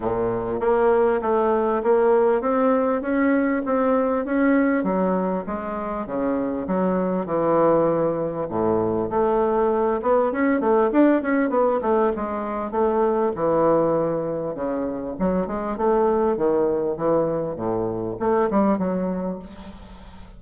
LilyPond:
\new Staff \with { instrumentName = "bassoon" } { \time 4/4 \tempo 4 = 99 ais,4 ais4 a4 ais4 | c'4 cis'4 c'4 cis'4 | fis4 gis4 cis4 fis4 | e2 a,4 a4~ |
a8 b8 cis'8 a8 d'8 cis'8 b8 a8 | gis4 a4 e2 | cis4 fis8 gis8 a4 dis4 | e4 a,4 a8 g8 fis4 | }